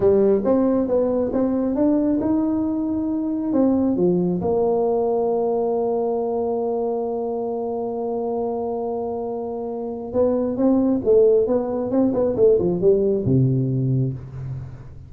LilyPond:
\new Staff \with { instrumentName = "tuba" } { \time 4/4 \tempo 4 = 136 g4 c'4 b4 c'4 | d'4 dis'2. | c'4 f4 ais2~ | ais1~ |
ais1~ | ais2. b4 | c'4 a4 b4 c'8 b8 | a8 f8 g4 c2 | }